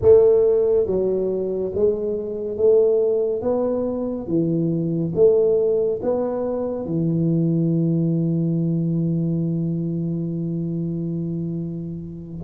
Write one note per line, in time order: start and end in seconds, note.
0.01 0.86 A3
0.86 1.72 F#3
1.74 2.57 G#3
2.57 3.41 A3
3.41 4.27 B3
4.27 5.12 E3
5.14 6.00 A3
6.02 6.85 B3
6.85 12.42 E3